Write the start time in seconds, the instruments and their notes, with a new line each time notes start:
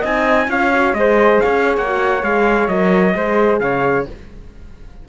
0.00 cello C4, horn D#4, flute D#5, trumpet G#5
0.48 cello C#4, horn F4, flute C#5, trumpet F5
0.73 horn F#4
0.94 cello G#3, horn G#4, flute C5, trumpet D#5
1.41 cello C#4, flute C#5, trumpet F5
1.77 cello A#3, trumpet F#5
1.87 horn F#4
2.23 cello G#3, horn G#4, trumpet F5
2.68 cello F#3, horn A#4, trumpet D#5
3.15 cello G#3, horn G#4, flute C5
3.60 cello C#3, flute C#5, trumpet F5